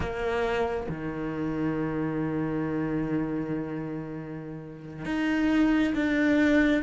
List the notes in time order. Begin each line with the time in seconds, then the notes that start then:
0.00 A#3
0.88 D#3
5.05 D#4
5.94 D4